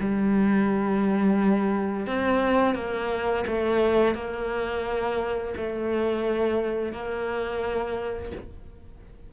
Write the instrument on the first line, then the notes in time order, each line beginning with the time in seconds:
cello
0.00 G3
2.07 C4
2.75 A#3
3.47 A3
4.15 A#3
5.57 A3
6.93 A#3